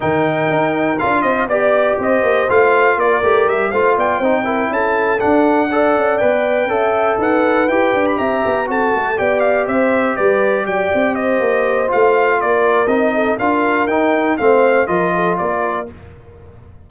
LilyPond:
<<
  \new Staff \with { instrumentName = "trumpet" } { \time 4/4 \tempo 4 = 121 g''2 f''8 dis''8 d''4 | dis''4 f''4 d''4 e''8 f''8 | g''4. a''4 fis''4.~ | fis''8 g''2 fis''4 g''8~ |
g''16 b''16 ais''4 a''4 g''8 f''8 e''8~ | e''8 d''4 g''4 dis''4. | f''4 d''4 dis''4 f''4 | g''4 f''4 dis''4 d''4 | }
  \new Staff \with { instrumentName = "horn" } { \time 4/4 ais'2~ ais'8 c''8 d''4 | c''2 ais'4. c''8 | d''8 c''8 ais'8 a'2 d''8~ | d''4. e''4 b'4.~ |
b'8 e''4 a'4 d''4 c''8~ | c''8 b'4 d''4 c''4.~ | c''4 ais'4. a'8 ais'4~ | ais'4 c''4 ais'8 a'8 ais'4 | }
  \new Staff \with { instrumentName = "trombone" } { \time 4/4 dis'2 f'4 g'4~ | g'4 f'4. g'4 f'8~ | f'8 dis'8 e'4. d'4 a'8~ | a'8 b'4 a'2 g'8~ |
g'4. fis'4 g'4.~ | g'1 | f'2 dis'4 f'4 | dis'4 c'4 f'2 | }
  \new Staff \with { instrumentName = "tuba" } { \time 4/4 dis4 dis'4 d'8 c'8 b4 | c'8 ais8 a4 ais8 a8 g8 a8 | b8 c'4 cis'4 d'4. | cis'8 b4 cis'4 dis'4 e'8 |
d'8 c'8 b8 c'8 a8 b4 c'8~ | c'8 g4 fis8 c'4 ais4 | a4 ais4 c'4 d'4 | dis'4 a4 f4 ais4 | }
>>